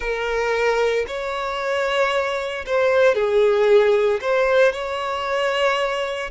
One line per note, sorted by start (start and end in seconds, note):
0.00 1.05 A#4
1.07 2.65 C#5
2.66 3.14 C5
3.14 4.20 G#4
4.21 4.72 C5
4.72 6.30 C#5